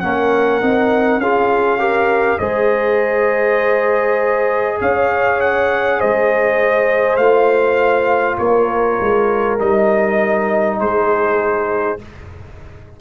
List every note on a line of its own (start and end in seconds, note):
0.00 0.62 A#3
0.00 0.61 C#4
0.00 1.22 A#4
0.00 1.20 F#5
0.61 1.18 C4
0.61 1.22 D#4
1.18 2.38 C#4
1.18 1.79 F4
1.18 1.79 G#4
1.18 2.39 F5
1.79 2.39 G4
1.79 2.39 A#4
2.39 4.80 G#3
2.39 7.20 G#4
2.39 4.80 C5
2.39 4.79 D#5
4.81 6.01 C#4
4.81 5.99 C#5
4.81 5.41 F5
5.41 6.00 F#5
5.99 7.17 G#3
5.99 8.38 C5
5.99 7.17 D#5
7.17 8.38 A3
7.17 9.59 F4
7.17 8.37 F5
8.38 8.98 A#3
8.38 10.80 A#4
8.38 9.58 C#5
9.01 9.60 G#3
9.59 10.80 G3
9.59 11.99 D#4
9.59 10.80 D#5
10.80 12.00 G#3
10.80 12.01 G#4
10.80 12.00 C5